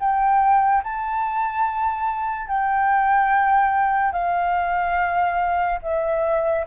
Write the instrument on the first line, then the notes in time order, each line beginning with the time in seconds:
flute
0.00 G5
0.84 A5
2.48 G5
4.12 F5
5.83 E5